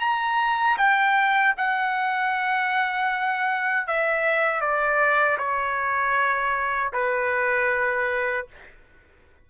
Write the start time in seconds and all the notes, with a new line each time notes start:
0.00 A#5
0.78 G5
1.57 F#5
3.87 E5
4.61 D5
5.38 C#5
6.93 B4